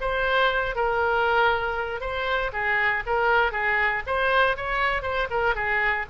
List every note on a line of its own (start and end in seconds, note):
0.00 0.75 C5
0.75 2.00 A#4
2.00 2.51 C5
2.52 3.03 G#4
3.06 3.52 A#4
3.52 4.02 G#4
4.06 4.56 C5
4.56 5.02 C#5
5.02 5.27 C5
5.30 5.55 A#4
5.55 6.06 G#4